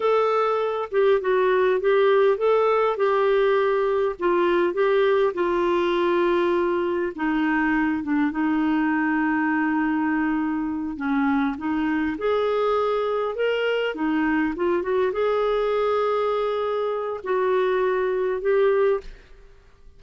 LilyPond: \new Staff \with { instrumentName = "clarinet" } { \time 4/4 \tempo 4 = 101 a'4. g'8 fis'4 g'4 | a'4 g'2 f'4 | g'4 f'2. | dis'4. d'8 dis'2~ |
dis'2~ dis'8 cis'4 dis'8~ | dis'8 gis'2 ais'4 dis'8~ | dis'8 f'8 fis'8 gis'2~ gis'8~ | gis'4 fis'2 g'4 | }